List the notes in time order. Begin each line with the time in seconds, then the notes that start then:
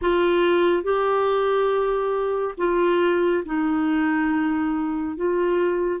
0.01 F4
0.83 G4
2.57 F4
3.45 D#4
5.16 F4